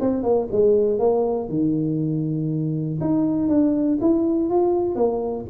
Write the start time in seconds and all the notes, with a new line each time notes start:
0.00 C4
0.23 A#3
0.52 G#3
0.99 A#3
1.49 D#3
3.00 D#4
3.48 D4
4.01 E4
4.50 F4
4.95 A#3